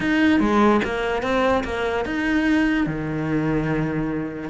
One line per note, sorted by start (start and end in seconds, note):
0.00 0.39 D#4
0.39 0.81 G#3
0.84 1.22 A#3
1.22 1.63 C4
1.64 2.05 A#3
2.05 2.86 D#4
2.86 4.49 D#3